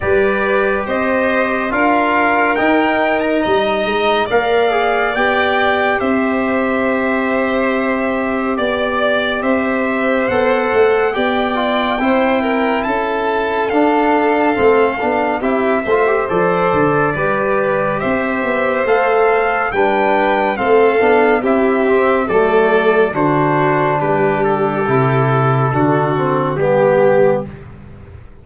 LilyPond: <<
  \new Staff \with { instrumentName = "trumpet" } { \time 4/4 \tempo 4 = 70 d''4 dis''4 f''4 g''8. ais''16~ | ais''4 f''4 g''4 e''4~ | e''2 d''4 e''4 | fis''4 g''2 a''4 |
f''2 e''4 d''4~ | d''4 e''4 f''4 g''4 | f''4 e''4 d''4 c''4 | b'8 a'2~ a'8 g'4 | }
  \new Staff \with { instrumentName = "violin" } { \time 4/4 b'4 c''4 ais'2 | dis''4 d''2 c''4~ | c''2 d''4 c''4~ | c''4 d''4 c''8 ais'8 a'4~ |
a'2 g'8 c''4. | b'4 c''2 b'4 | a'4 g'4 a'4 fis'4 | g'2 fis'4 g'4 | }
  \new Staff \with { instrumentName = "trombone" } { \time 4/4 g'2 f'4 dis'4~ | dis'4 ais'8 gis'8 g'2~ | g'1 | a'4 g'8 f'8 e'2 |
d'4 c'8 d'8 e'8 f'16 g'16 a'4 | g'2 a'4 d'4 | c'8 d'8 e'8 c'8 a4 d'4~ | d'4 e'4 d'8 c'8 b4 | }
  \new Staff \with { instrumentName = "tuba" } { \time 4/4 g4 c'4 d'4 dis'4 | g8 gis8 ais4 b4 c'4~ | c'2 b4 c'4 | b8 a8 b4 c'4 cis'4 |
d'4 a8 b8 c'8 a8 f8 d8 | g4 c'8 b8 a4 g4 | a8 b8 c'4 fis4 d4 | g4 c4 d4 g4 | }
>>